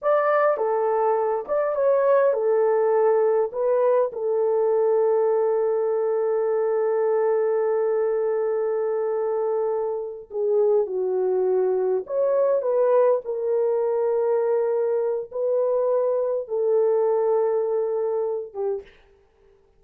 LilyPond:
\new Staff \with { instrumentName = "horn" } { \time 4/4 \tempo 4 = 102 d''4 a'4. d''8 cis''4 | a'2 b'4 a'4~ | a'1~ | a'1~ |
a'4. gis'4 fis'4.~ | fis'8 cis''4 b'4 ais'4.~ | ais'2 b'2 | a'2.~ a'8 g'8 | }